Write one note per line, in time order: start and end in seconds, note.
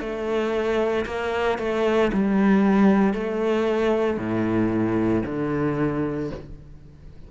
0.00 1.05 A3
1.05 1.58 A#3
1.58 2.11 A3
2.12 3.13 G3
3.13 4.17 A3
4.17 5.22 A2
5.25 6.31 D3